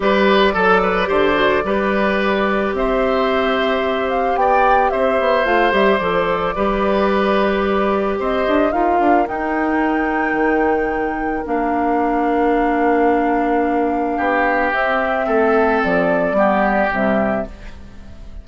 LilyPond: <<
  \new Staff \with { instrumentName = "flute" } { \time 4/4 \tempo 4 = 110 d''1~ | d''4 e''2~ e''8 f''8 | g''4 e''4 f''8 e''8 d''4~ | d''2. dis''4 |
f''4 g''2.~ | g''4 f''2.~ | f''2. e''4~ | e''4 d''2 e''4 | }
  \new Staff \with { instrumentName = "oboe" } { \time 4/4 b'4 a'8 b'8 c''4 b'4~ | b'4 c''2. | d''4 c''2. | b'2. c''4 |
ais'1~ | ais'1~ | ais'2 g'2 | a'2 g'2 | }
  \new Staff \with { instrumentName = "clarinet" } { \time 4/4 g'4 a'4 g'8 fis'8 g'4~ | g'1~ | g'2 f'8 g'8 a'4 | g'1 |
f'4 dis'2.~ | dis'4 d'2.~ | d'2. c'4~ | c'2 b4 g4 | }
  \new Staff \with { instrumentName = "bassoon" } { \time 4/4 g4 fis4 d4 g4~ | g4 c'2. | b4 c'8 b8 a8 g8 f4 | g2. c'8 d'8 |
dis'8 d'8 dis'2 dis4~ | dis4 ais2.~ | ais2 b4 c'4 | a4 f4 g4 c4 | }
>>